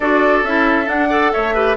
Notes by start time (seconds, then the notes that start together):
0.00 D4 F#4 A4 D5
0.43 C#4 E4 E5
0.85 D4 F#5
1.09 A4 D5
1.32 A3 C#5 E5
1.54 G4 B4